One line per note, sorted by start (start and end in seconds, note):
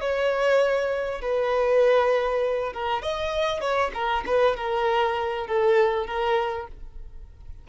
0.00 1.21 C#5
1.21 2.72 B4
2.72 3.02 A#4
3.02 3.60 D#5
3.60 3.91 C#5
3.93 4.24 A#4
4.26 4.56 B4
4.56 5.47 A#4
5.47 6.06 A4
6.06 6.67 A#4